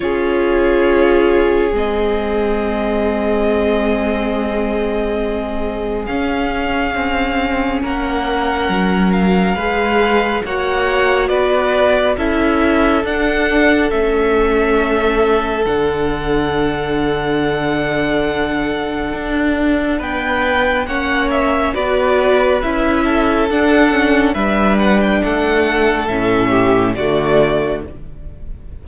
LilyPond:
<<
  \new Staff \with { instrumentName = "violin" } { \time 4/4 \tempo 4 = 69 cis''2 dis''2~ | dis''2. f''4~ | f''4 fis''4. f''4. | fis''4 d''4 e''4 fis''4 |
e''2 fis''2~ | fis''2. g''4 | fis''8 e''8 d''4 e''4 fis''4 | e''8 fis''16 g''16 fis''4 e''4 d''4 | }
  \new Staff \with { instrumentName = "violin" } { \time 4/4 gis'1~ | gis'1~ | gis'4 ais'2 b'4 | cis''4 b'4 a'2~ |
a'1~ | a'2. b'4 | cis''4 b'4. a'4. | b'4 a'4. g'8 fis'4 | }
  \new Staff \with { instrumentName = "viola" } { \time 4/4 f'2 c'2~ | c'2. cis'4~ | cis'2. gis'4 | fis'2 e'4 d'4 |
cis'2 d'2~ | d'1 | cis'4 fis'4 e'4 d'8 cis'8 | d'2 cis'4 a4 | }
  \new Staff \with { instrumentName = "cello" } { \time 4/4 cis'2 gis2~ | gis2. cis'4 | c'4 ais4 fis4 gis4 | ais4 b4 cis'4 d'4 |
a2 d2~ | d2 d'4 b4 | ais4 b4 cis'4 d'4 | g4 a4 a,4 d4 | }
>>